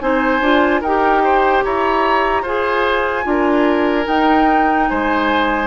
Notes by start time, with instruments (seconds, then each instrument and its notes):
0.00 bassoon C4, clarinet D#4, oboe C5, flute G#5
0.41 bassoon D4, clarinet F4
0.81 bassoon D#4, clarinet G4, oboe A#4, flute G5
1.23 oboe C5
1.64 bassoon E4, oboe C#5, flute A#5
2.42 bassoon F4, clarinet G#4, oboe C5, flute G#5
3.23 bassoon D4, clarinet F4, oboe A#4
4.04 clarinet D#4, bassoon D#4, flute G5
4.88 bassoon G#3, oboe C5, flute G#5